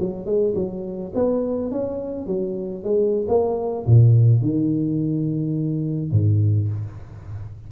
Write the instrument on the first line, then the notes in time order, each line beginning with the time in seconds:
tuba
0.00 F#3
0.26 G#3
0.55 F#3
1.15 B3
1.71 C#4
2.27 F#3
2.84 G#3
3.28 A#3
3.86 A#2
4.42 D#3
6.11 G#2